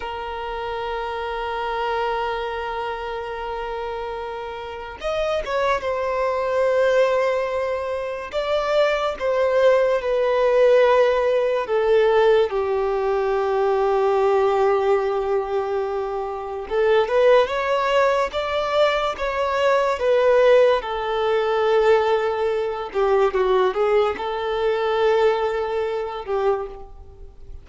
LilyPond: \new Staff \with { instrumentName = "violin" } { \time 4/4 \tempo 4 = 72 ais'1~ | ais'2 dis''8 cis''8 c''4~ | c''2 d''4 c''4 | b'2 a'4 g'4~ |
g'1 | a'8 b'8 cis''4 d''4 cis''4 | b'4 a'2~ a'8 g'8 | fis'8 gis'8 a'2~ a'8 g'8 | }